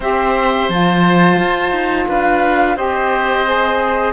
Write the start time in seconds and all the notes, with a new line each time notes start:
0.00 C4 G4 C5 E5
0.69 F3 F4 A5
1.38 F4
1.71 D#4
2.07 D4 B4 F5
2.76 C4 G4 C5 D#5
3.45 G#4